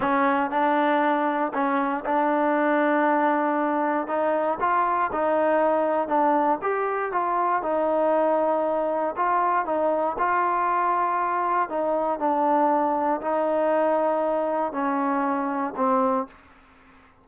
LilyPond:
\new Staff \with { instrumentName = "trombone" } { \time 4/4 \tempo 4 = 118 cis'4 d'2 cis'4 | d'1 | dis'4 f'4 dis'2 | d'4 g'4 f'4 dis'4~ |
dis'2 f'4 dis'4 | f'2. dis'4 | d'2 dis'2~ | dis'4 cis'2 c'4 | }